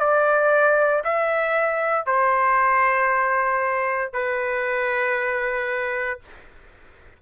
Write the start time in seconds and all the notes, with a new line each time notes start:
0.00 D5
1.05 E5
2.06 C5
4.13 B4